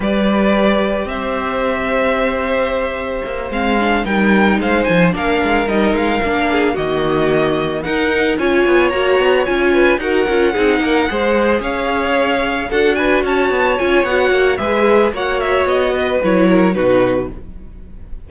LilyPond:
<<
  \new Staff \with { instrumentName = "violin" } { \time 4/4 \tempo 4 = 111 d''2 e''2~ | e''2~ e''8 f''4 g''8~ | g''8 f''8 gis''8 f''4 dis''8 f''4~ | f''8 dis''2 fis''4 gis''8~ |
gis''8 ais''4 gis''4 fis''4.~ | fis''4. f''2 fis''8 | gis''8 a''4 gis''8 fis''4 e''4 | fis''8 e''8 dis''4 cis''4 b'4 | }
  \new Staff \with { instrumentName = "violin" } { \time 4/4 b'2 c''2~ | c''2.~ c''8 ais'8~ | ais'8 c''4 ais'2~ ais'8 | gis'8 fis'2 ais'4 cis''8~ |
cis''2 b'8 ais'4 gis'8 | ais'8 c''4 cis''2 a'8 | b'8 cis''2~ cis''8 b'4 | cis''4. b'4 ais'8 fis'4 | }
  \new Staff \with { instrumentName = "viola" } { \time 4/4 g'1~ | g'2~ g'8 c'8 d'8 dis'8~ | dis'4. d'4 dis'4 d'8~ | d'8 ais2 dis'4 f'8~ |
f'8 fis'4 f'4 fis'8 f'8 dis'8~ | dis'8 gis'2. fis'8~ | fis'4. f'8 fis'4 gis'4 | fis'2 e'4 dis'4 | }
  \new Staff \with { instrumentName = "cello" } { \time 4/4 g2 c'2~ | c'2 ais8 gis4 g8~ | g8 gis8 f8 ais8 gis8 g8 gis8 ais8~ | ais8 dis2 dis'4 cis'8 |
b8 ais8 b8 cis'4 dis'8 cis'8 c'8 | ais8 gis4 cis'2 d'8~ | d'8 cis'8 b8 cis'8 b8 ais8 gis4 | ais4 b4 fis4 b,4 | }
>>